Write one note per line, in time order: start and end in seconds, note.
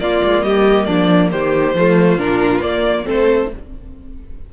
0.00 0.22 A#3
0.00 1.76 A#3
0.00 0.45 F4
0.00 0.43 D5
0.24 0.43 G#3
0.43 0.87 G3
0.43 0.87 G4
0.43 0.85 D#5
0.85 1.32 F3
0.85 1.30 D4
0.85 1.29 D5
1.31 1.74 D#3
1.31 1.76 G4
1.31 2.19 C5
1.74 2.17 F3
1.74 2.18 A3
1.74 3.05 F4
2.17 2.61 A#2
2.17 2.62 D4
2.17 2.62 A#4
2.62 3.05 A#3
2.62 3.04 A#3
2.62 3.06 D5
3.04 3.53 A3
3.04 3.48 C4
3.04 3.49 A4
3.04 3.53 C5